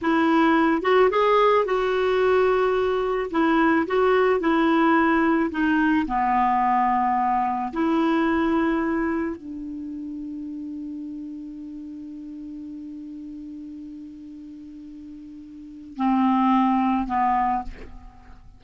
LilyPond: \new Staff \with { instrumentName = "clarinet" } { \time 4/4 \tempo 4 = 109 e'4. fis'8 gis'4 fis'4~ | fis'2 e'4 fis'4 | e'2 dis'4 b4~ | b2 e'2~ |
e'4 d'2.~ | d'1~ | d'1~ | d'4 c'2 b4 | }